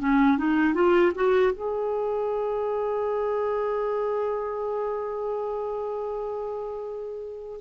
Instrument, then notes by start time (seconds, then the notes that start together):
clarinet
0.00 C#4
0.38 D#4
0.75 F4
1.15 F#4
1.53 G#4